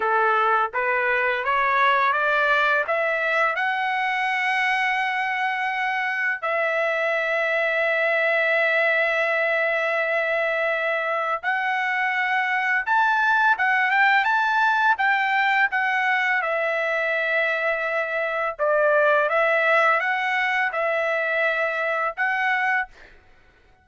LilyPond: \new Staff \with { instrumentName = "trumpet" } { \time 4/4 \tempo 4 = 84 a'4 b'4 cis''4 d''4 | e''4 fis''2.~ | fis''4 e''2.~ | e''1 |
fis''2 a''4 fis''8 g''8 | a''4 g''4 fis''4 e''4~ | e''2 d''4 e''4 | fis''4 e''2 fis''4 | }